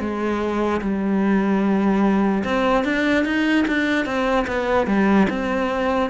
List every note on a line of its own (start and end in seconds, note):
0.00 0.81 G#3
0.81 2.44 G3
2.44 2.85 C4
2.85 3.25 D4
3.25 3.66 D#4
3.68 4.06 D4
4.06 4.46 C4
4.47 4.87 B3
4.87 5.27 G3
5.30 6.10 C4